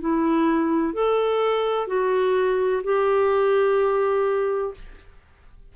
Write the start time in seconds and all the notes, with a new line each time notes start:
0.00 E4
0.93 A4
1.87 F#4
2.83 G4